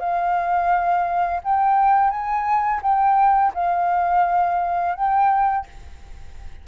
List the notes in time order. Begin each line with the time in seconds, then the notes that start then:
0.00 F5
1.44 G5
2.10 G#5
2.83 G5
3.55 F5
4.96 G5